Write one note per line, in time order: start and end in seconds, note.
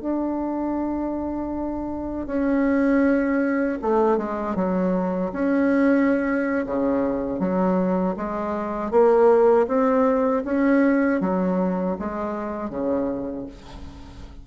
0.00 2.26 D4
2.26 3.78 C#4
3.81 4.17 A3
4.17 4.55 G#3
4.55 5.31 F#3
5.32 6.65 C#4
6.66 7.39 C#3
7.39 8.15 F#3
8.16 8.90 G#3
8.90 9.66 A#3
9.67 10.43 C4
10.44 11.20 C#4
11.20 11.96 F#3
11.99 12.69 G#3
12.69 13.45 C#3